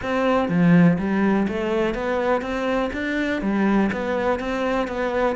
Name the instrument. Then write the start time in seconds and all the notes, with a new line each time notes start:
cello
0.02 C4
0.48 F3
0.98 G3
1.47 A3
1.94 B3
2.41 C4
2.92 D4
3.41 G3
3.92 B3
4.39 C4
4.87 B3